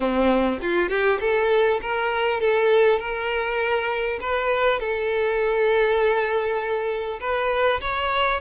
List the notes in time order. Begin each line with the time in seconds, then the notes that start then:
0.00 C4
0.61 F4
0.89 G4
1.20 A4
1.81 A#4
2.40 A4
2.99 A#4
4.20 B4
4.79 A4
7.20 B4
7.80 C#5